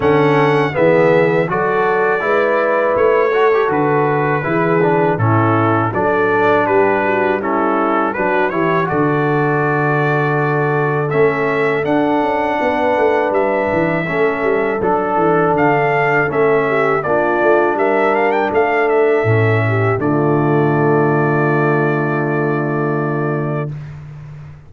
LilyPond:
<<
  \new Staff \with { instrumentName = "trumpet" } { \time 4/4 \tempo 4 = 81 fis''4 e''4 d''2 | cis''4 b'2 a'4 | d''4 b'4 a'4 b'8 cis''8 | d''2. e''4 |
fis''2 e''2 | a'4 f''4 e''4 d''4 | e''8 f''16 g''16 f''8 e''4. d''4~ | d''1 | }
  \new Staff \with { instrumentName = "horn" } { \time 4/4 a'4 gis'4 a'4 b'4~ | b'8 a'4. gis'4 e'4 | a'4 g'8 fis'8 e'4 fis'8 g'8 | a'1~ |
a'4 b'2 a'4~ | a'2~ a'8 g'8 f'4 | ais'4 a'4. g'8 f'4~ | f'1 | }
  \new Staff \with { instrumentName = "trombone" } { \time 4/4 cis'4 b4 fis'4 e'4~ | e'8 fis'16 g'16 fis'4 e'8 d'8 cis'4 | d'2 cis'4 d'8 e'8 | fis'2. cis'4 |
d'2. cis'4 | d'2 cis'4 d'4~ | d'2 cis'4 a4~ | a1 | }
  \new Staff \with { instrumentName = "tuba" } { \time 4/4 d4 e4 fis4 gis4 | a4 d4 e4 a,4 | fis4 g2 fis8 e8 | d2. a4 |
d'8 cis'8 b8 a8 g8 e8 a8 g8 | fis8 e8 d4 a4 ais8 a8 | g4 a4 a,4 d4~ | d1 | }
>>